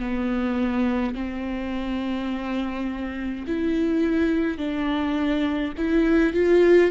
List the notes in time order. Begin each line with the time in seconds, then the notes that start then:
0.00 B3
1.15 C4
3.47 E4
4.58 D4
5.77 E4
6.34 F4